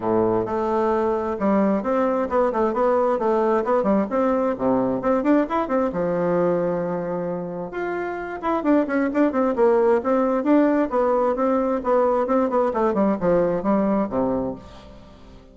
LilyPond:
\new Staff \with { instrumentName = "bassoon" } { \time 4/4 \tempo 4 = 132 a,4 a2 g4 | c'4 b8 a8 b4 a4 | b8 g8 c'4 c4 c'8 d'8 | e'8 c'8 f2.~ |
f4 f'4. e'8 d'8 cis'8 | d'8 c'8 ais4 c'4 d'4 | b4 c'4 b4 c'8 b8 | a8 g8 f4 g4 c4 | }